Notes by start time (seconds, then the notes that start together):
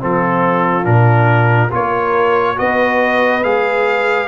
0.00 F3 C4 F4 A4
0.84 A#2 D4 A#4
1.71 A#3 F4 A#4 C#5
2.56 B3 F#4 B4 D#5
3.44 G#3 G#4 F5